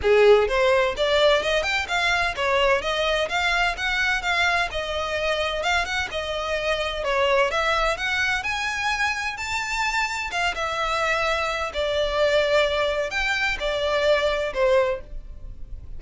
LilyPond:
\new Staff \with { instrumentName = "violin" } { \time 4/4 \tempo 4 = 128 gis'4 c''4 d''4 dis''8 g''8 | f''4 cis''4 dis''4 f''4 | fis''4 f''4 dis''2 | f''8 fis''8 dis''2 cis''4 |
e''4 fis''4 gis''2 | a''2 f''8 e''4.~ | e''4 d''2. | g''4 d''2 c''4 | }